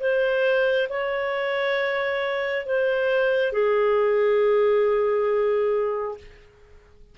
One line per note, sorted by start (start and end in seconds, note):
0.00 0.88 C5
0.89 2.66 C#5
2.66 3.53 C5
3.53 6.17 G#4